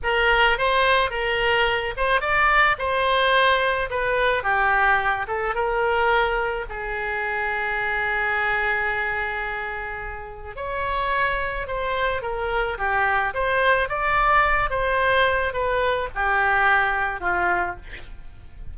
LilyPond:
\new Staff \with { instrumentName = "oboe" } { \time 4/4 \tempo 4 = 108 ais'4 c''4 ais'4. c''8 | d''4 c''2 b'4 | g'4. a'8 ais'2 | gis'1~ |
gis'2. cis''4~ | cis''4 c''4 ais'4 g'4 | c''4 d''4. c''4. | b'4 g'2 f'4 | }